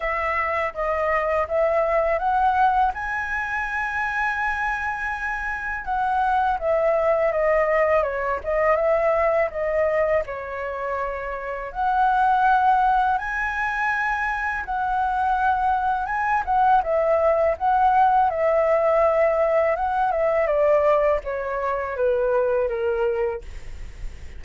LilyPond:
\new Staff \with { instrumentName = "flute" } { \time 4/4 \tempo 4 = 82 e''4 dis''4 e''4 fis''4 | gis''1 | fis''4 e''4 dis''4 cis''8 dis''8 | e''4 dis''4 cis''2 |
fis''2 gis''2 | fis''2 gis''8 fis''8 e''4 | fis''4 e''2 fis''8 e''8 | d''4 cis''4 b'4 ais'4 | }